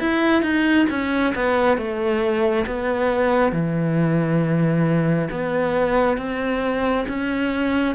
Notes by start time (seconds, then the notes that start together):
0.00 E4
0.43 D#4
0.90 C#4
1.35 B3
1.78 A3
2.67 B3
3.53 E3
5.31 B3
6.18 C4
7.08 C#4